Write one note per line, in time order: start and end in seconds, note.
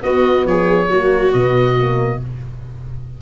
0.00 0.88 B3
0.00 0.45 B3
0.00 0.48 F#4
0.00 0.46 D#5
0.45 0.88 F3
0.45 0.89 G#4
0.45 1.32 C#5
0.89 1.33 F#3
0.89 1.32 A#3
0.89 2.20 F#4
1.32 2.21 B2
1.32 1.75 B3
1.32 2.20 D#5
1.77 2.21 A#3